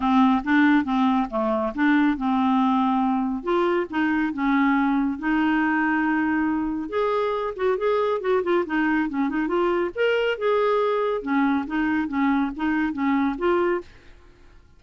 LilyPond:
\new Staff \with { instrumentName = "clarinet" } { \time 4/4 \tempo 4 = 139 c'4 d'4 c'4 a4 | d'4 c'2. | f'4 dis'4 cis'2 | dis'1 |
gis'4. fis'8 gis'4 fis'8 f'8 | dis'4 cis'8 dis'8 f'4 ais'4 | gis'2 cis'4 dis'4 | cis'4 dis'4 cis'4 f'4 | }